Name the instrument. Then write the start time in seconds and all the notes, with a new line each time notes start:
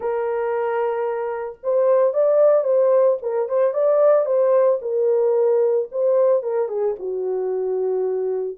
horn
0.00 A#4
1.63 C5
2.13 D5
2.64 C5
3.22 A#4
3.48 C5
3.73 D5
4.25 C5
4.81 A#4
5.91 C5
6.42 A#4
6.68 G#4
6.99 F#4